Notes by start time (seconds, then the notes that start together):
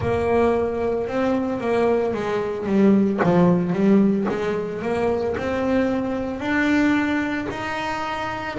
0.00 A#3
1.07 C4
1.60 A#3
2.14 G#3
2.66 G3
3.23 F3
3.73 G3
4.29 G#3
4.82 A#3
5.37 C4
6.39 D4
7.50 D#4